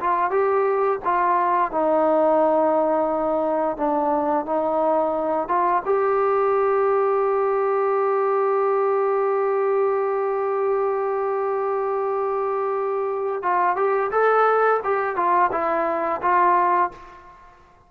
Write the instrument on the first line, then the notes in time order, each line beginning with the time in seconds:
trombone
0.00 F4
0.30 G4
1.04 F4
1.71 D#4
3.77 D4
4.45 D#4
5.48 F4
5.85 G4
13.42 F4
13.76 G4
14.11 A4
14.84 G4
15.16 F4
15.52 E4
16.22 F4